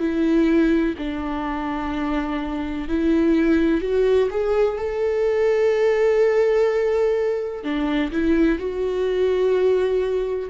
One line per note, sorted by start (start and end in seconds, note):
0.00 0.95 E4
0.99 2.89 D4
2.89 3.82 E4
3.82 4.29 F#4
4.31 4.78 G#4
4.78 7.64 A4
7.64 8.12 D4
8.12 8.59 E4
8.59 10.50 F#4